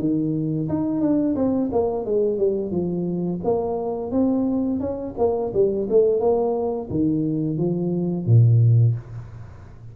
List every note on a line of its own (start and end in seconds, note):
0.00 0.69 D#3
0.69 1.01 D#4
1.01 1.35 D4
1.36 1.70 C4
1.72 2.06 A#3
2.06 2.39 G#3
2.39 2.71 G3
2.71 3.40 F3
3.45 4.11 A#3
4.11 4.80 C4
4.80 5.15 C#4
5.18 5.53 A#3
5.54 5.88 G3
5.90 6.20 A3
6.20 6.89 A#3
6.90 7.58 D#3
7.58 8.26 F3
8.26 8.95 A#2